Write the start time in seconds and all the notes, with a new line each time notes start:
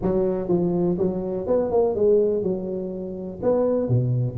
0.02 F#3
0.48 F3
0.98 F#3
1.47 B3
1.71 A#3
1.95 G#3
2.43 F#3
3.42 B3
3.88 B2